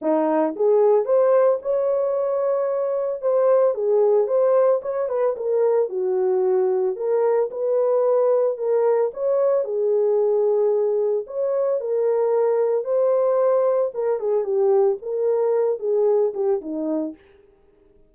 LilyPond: \new Staff \with { instrumentName = "horn" } { \time 4/4 \tempo 4 = 112 dis'4 gis'4 c''4 cis''4~ | cis''2 c''4 gis'4 | c''4 cis''8 b'8 ais'4 fis'4~ | fis'4 ais'4 b'2 |
ais'4 cis''4 gis'2~ | gis'4 cis''4 ais'2 | c''2 ais'8 gis'8 g'4 | ais'4. gis'4 g'8 dis'4 | }